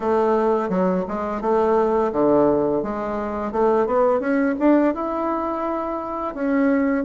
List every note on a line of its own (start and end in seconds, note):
0.00 0.69 A3
0.69 1.04 F#3
1.08 1.41 G#3
1.41 2.11 A3
2.12 2.82 D3
2.82 3.51 G#3
3.51 3.86 A3
3.86 4.20 B3
4.20 4.55 C#4
4.59 4.94 D4
4.94 6.34 E4
6.34 7.04 C#4